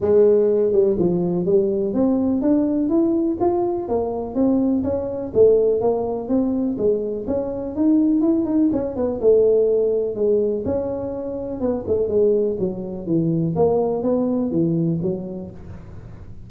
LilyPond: \new Staff \with { instrumentName = "tuba" } { \time 4/4 \tempo 4 = 124 gis4. g8 f4 g4 | c'4 d'4 e'4 f'4 | ais4 c'4 cis'4 a4 | ais4 c'4 gis4 cis'4 |
dis'4 e'8 dis'8 cis'8 b8 a4~ | a4 gis4 cis'2 | b8 a8 gis4 fis4 e4 | ais4 b4 e4 fis4 | }